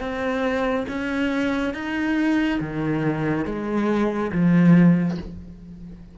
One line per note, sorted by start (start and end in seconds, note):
0.00 0.86 C4
0.88 1.74 C#4
1.74 2.59 D#4
2.60 3.45 D#3
3.45 4.31 G#3
4.32 5.17 F3